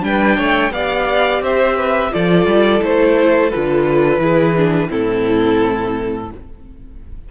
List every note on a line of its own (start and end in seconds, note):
0.00 0.37 G3
0.00 0.70 D4
0.00 0.36 B4
0.00 0.72 G5
0.36 0.71 A3
0.36 0.71 C#5
0.71 1.40 B3
0.71 2.11 G4
0.71 1.43 D5
0.71 1.42 F5
1.40 2.10 C4
1.40 1.77 C5
1.40 2.13 E5
1.77 2.11 B4
2.11 2.46 F3
2.11 2.80 F4
2.11 4.21 A4
2.11 2.83 D5
2.46 2.81 G3
2.80 3.51 A3
2.80 3.50 E4
2.80 3.50 C5
3.50 4.18 D3
3.50 4.20 F4
3.50 4.90 B4
4.18 4.87 E3
4.18 4.55 E4
4.18 4.89 G#4
4.57 4.88 D4
4.88 6.31 A2
4.88 6.28 C4
4.88 6.28 E4
4.88 6.31 A4